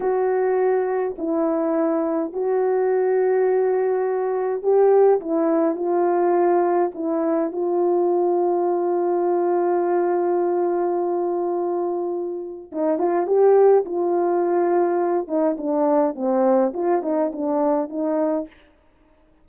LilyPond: \new Staff \with { instrumentName = "horn" } { \time 4/4 \tempo 4 = 104 fis'2 e'2 | fis'1 | g'4 e'4 f'2 | e'4 f'2.~ |
f'1~ | f'2 dis'8 f'8 g'4 | f'2~ f'8 dis'8 d'4 | c'4 f'8 dis'8 d'4 dis'4 | }